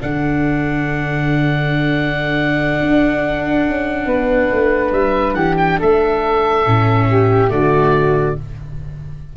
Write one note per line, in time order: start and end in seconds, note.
0.00 2.81 D3
0.00 6.64 D4
0.00 4.07 A4
0.00 4.92 F#5
2.82 3.66 D4
3.66 4.06 C#4
4.06 4.48 B3
4.06 5.35 B4
4.52 4.91 A3
4.91 5.34 G3
4.91 5.33 E5
5.33 5.76 E3
5.33 5.78 G4
5.33 5.55 F#5
5.57 5.79 G5
5.79 6.66 A3
5.79 7.07 A4
5.79 7.50 E5
6.66 7.51 A2
6.66 7.48 C#4
7.09 7.50 G4
7.48 8.36 D3
7.48 8.34 A3
7.48 8.36 F#4
7.48 8.36 D5